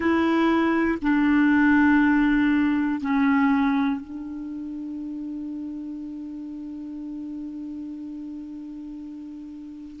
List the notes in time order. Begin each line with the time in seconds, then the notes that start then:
0.00 E4
1.02 D4
3.00 C#4
4.00 D4